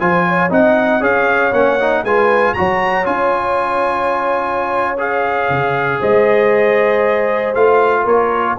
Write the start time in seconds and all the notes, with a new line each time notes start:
0.00 F3 F4 C5 G#5
0.29 C#5
0.50 C4 D#4 D#5 F#5
1.01 C#4 G#4 C#5 F5
1.53 A#3 C#4 F#5
1.81 D#4
2.04 G#3 F4 B4 G#5
2.54 F#3 F#4 C#5 A#5
3.05 C#4 F4 G#5
4.99 G#4 F5
5.50 C#3
6.00 G#3 C5 D#5
7.55 A3 F4 F5
8.04 A#3 A#4 C#5